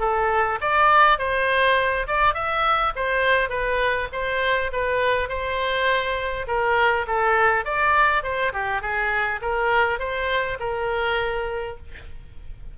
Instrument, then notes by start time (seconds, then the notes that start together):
oboe
0.00 A4
0.61 D5
1.19 C5
2.07 D5
2.34 E5
2.96 C5
3.49 B4
4.13 C5
4.73 B4
5.29 C5
6.48 A#4
7.07 A4
7.65 D5
8.23 C5
8.53 G4
8.82 G#4
9.42 A#4
9.99 C5
10.60 A#4